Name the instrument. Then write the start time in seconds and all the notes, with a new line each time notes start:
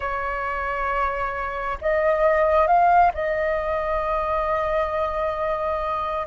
flute
0.00 C#5
1.81 D#5
2.67 F5
3.13 D#5